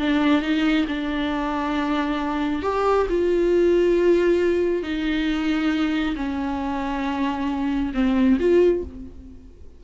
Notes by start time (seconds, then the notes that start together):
0.00 D4
0.42 D#4
0.88 D4
2.63 G4
3.10 F4
4.83 D#4
6.16 C#4
7.94 C4
8.40 F4